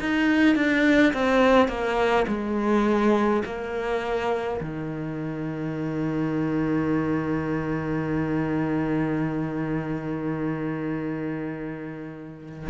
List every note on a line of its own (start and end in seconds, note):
0.00 0.56 D#4
0.56 1.13 D4
1.13 1.68 C4
1.68 2.26 A#3
2.28 3.43 G#3
3.45 4.60 A#3
4.60 12.68 D#3